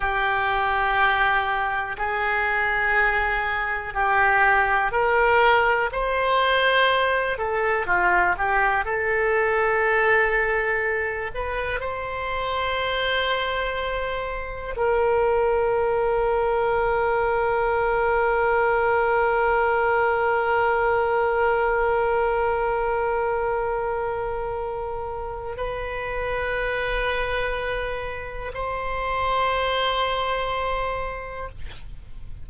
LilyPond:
\new Staff \with { instrumentName = "oboe" } { \time 4/4 \tempo 4 = 61 g'2 gis'2 | g'4 ais'4 c''4. a'8 | f'8 g'8 a'2~ a'8 b'8 | c''2. ais'4~ |
ais'1~ | ais'1~ | ais'2 b'2~ | b'4 c''2. | }